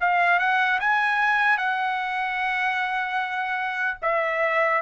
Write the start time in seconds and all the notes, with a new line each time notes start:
0.00 F5
0.39 F#5
0.80 G#5
1.57 F#5
4.01 E5